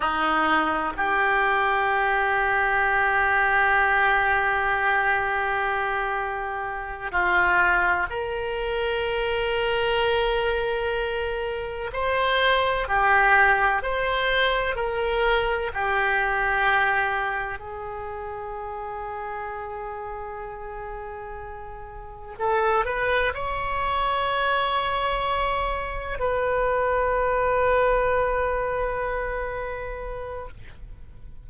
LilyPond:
\new Staff \with { instrumentName = "oboe" } { \time 4/4 \tempo 4 = 63 dis'4 g'2.~ | g'2.~ g'8 f'8~ | f'8 ais'2.~ ais'8~ | ais'8 c''4 g'4 c''4 ais'8~ |
ais'8 g'2 gis'4.~ | gis'2.~ gis'8 a'8 | b'8 cis''2. b'8~ | b'1 | }